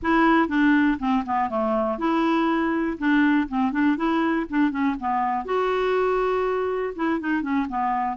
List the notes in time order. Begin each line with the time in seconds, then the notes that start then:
0.02 E4
0.48 D4
0.99 C4
1.25 B3
1.49 A3
1.98 E4
2.98 D4
3.48 C4
3.72 D4
3.96 E4
4.49 D4
4.70 C#4
4.99 B3
5.45 F#4
6.95 E4
7.20 D#4
7.42 C#4
7.69 B3